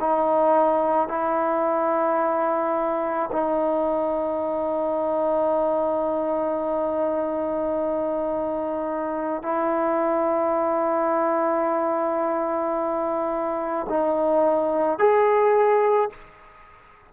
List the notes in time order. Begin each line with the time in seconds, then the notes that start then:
0.00 D#4
1.08 E4
3.32 D#4
9.42 E4
13.89 D#4
14.99 G#4